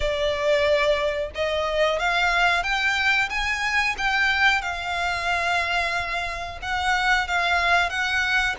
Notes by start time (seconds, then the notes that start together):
0.00 D5
1.34 D#5
1.99 F5
2.63 G5
3.29 G#5
3.97 G5
4.61 F5
6.61 F#5
7.27 F5
7.89 F#5